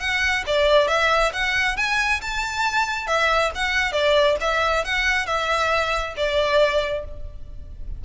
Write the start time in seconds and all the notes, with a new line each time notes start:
0.00 F#5
0.47 D5
0.88 E5
1.34 F#5
1.77 G#5
2.22 A5
3.07 E5
3.55 F#5
3.92 D5
4.41 E5
4.85 F#5
5.27 E5
6.17 D5